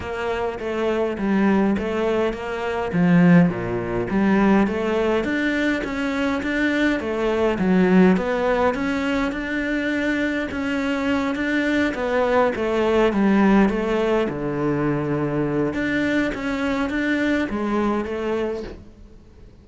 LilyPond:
\new Staff \with { instrumentName = "cello" } { \time 4/4 \tempo 4 = 103 ais4 a4 g4 a4 | ais4 f4 ais,4 g4 | a4 d'4 cis'4 d'4 | a4 fis4 b4 cis'4 |
d'2 cis'4. d'8~ | d'8 b4 a4 g4 a8~ | a8 d2~ d8 d'4 | cis'4 d'4 gis4 a4 | }